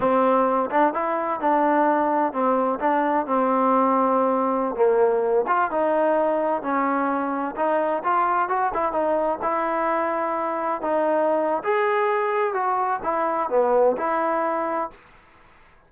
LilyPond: \new Staff \with { instrumentName = "trombone" } { \time 4/4 \tempo 4 = 129 c'4. d'8 e'4 d'4~ | d'4 c'4 d'4 c'4~ | c'2~ c'16 ais4. f'16~ | f'16 dis'2 cis'4.~ cis'16~ |
cis'16 dis'4 f'4 fis'8 e'8 dis'8.~ | dis'16 e'2. dis'8.~ | dis'4 gis'2 fis'4 | e'4 b4 e'2 | }